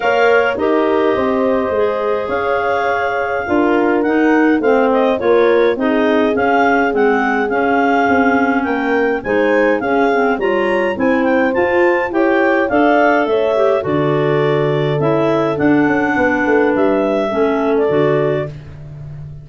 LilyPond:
<<
  \new Staff \with { instrumentName = "clarinet" } { \time 4/4 \tempo 4 = 104 f''4 dis''2. | f''2. fis''4 | f''8 dis''8 cis''4 dis''4 f''4 | fis''4 f''2 g''4 |
gis''4 f''4 ais''4 gis''8 g''8 | a''4 g''4 f''4 e''4 | d''2 e''4 fis''4~ | fis''4 e''4.~ e''16 d''4~ d''16 | }
  \new Staff \with { instrumentName = "horn" } { \time 4/4 cis''4 ais'4 c''2 | cis''2 ais'2 | c''4 ais'4 gis'2~ | gis'2. ais'4 |
c''4 gis'4 cis''4 c''4~ | c''4 cis''4 d''4 cis''4 | a'1 | b'2 a'2 | }
  \new Staff \with { instrumentName = "clarinet" } { \time 4/4 ais'4 g'2 gis'4~ | gis'2 f'4 dis'4 | c'4 f'4 dis'4 cis'4 | c'4 cis'2. |
dis'4 cis'8 c'8 f'4 e'4 | f'4 g'4 a'4. g'8 | fis'2 e'4 d'4~ | d'2 cis'4 fis'4 | }
  \new Staff \with { instrumentName = "tuba" } { \time 4/4 ais4 dis'4 c'4 gis4 | cis'2 d'4 dis'4 | a4 ais4 c'4 cis'4 | gis4 cis'4 c'4 ais4 |
gis4 cis'4 g4 c'4 | f'4 e'4 d'4 a4 | d2 cis'4 d'8 cis'8 | b8 a8 g4 a4 d4 | }
>>